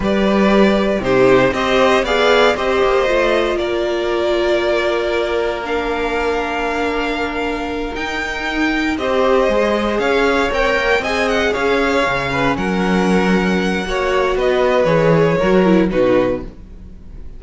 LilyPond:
<<
  \new Staff \with { instrumentName = "violin" } { \time 4/4 \tempo 4 = 117 d''2 c''4 dis''4 | f''4 dis''2 d''4~ | d''2. f''4~ | f''2.~ f''8 g''8~ |
g''4. dis''2 f''8~ | f''8 g''4 gis''8 fis''8 f''4.~ | f''8 fis''2.~ fis''8 | dis''4 cis''2 b'4 | }
  \new Staff \with { instrumentName = "violin" } { \time 4/4 b'2 g'4 c''4 | d''4 c''2 ais'4~ | ais'1~ | ais'1~ |
ais'4. c''2 cis''8~ | cis''4. dis''4 cis''4. | b'8 ais'2~ ais'8 cis''4 | b'2 ais'4 fis'4 | }
  \new Staff \with { instrumentName = "viola" } { \time 4/4 g'2 dis'4 g'4 | gis'4 g'4 f'2~ | f'2. d'4~ | d'2.~ d'8 dis'8~ |
dis'4. g'4 gis'4.~ | gis'8 ais'4 gis'2 cis'8~ | cis'2. fis'4~ | fis'4 gis'4 fis'8 e'8 dis'4 | }
  \new Staff \with { instrumentName = "cello" } { \time 4/4 g2 c4 c'4 | b4 c'8 ais8 a4 ais4~ | ais1~ | ais2.~ ais8 dis'8~ |
dis'4. c'4 gis4 cis'8~ | cis'8 c'8 ais8 c'4 cis'4 cis8~ | cis8 fis2~ fis8 ais4 | b4 e4 fis4 b,4 | }
>>